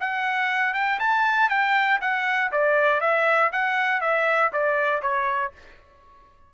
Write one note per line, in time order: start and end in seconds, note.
0.00 0.74 F#5
0.74 0.99 G5
0.99 1.49 A5
1.49 1.99 G5
2.01 2.51 F#5
2.51 3.00 D5
3.00 3.51 E5
3.52 4.01 F#5
4.01 4.51 E5
4.52 5.01 D5
5.01 5.52 C#5